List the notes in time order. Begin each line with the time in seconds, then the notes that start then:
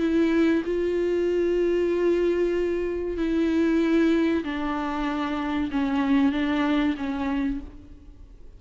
0.00 E4
0.66 F4
3.18 E4
4.44 D4
5.72 C#4
6.32 D4
6.98 C#4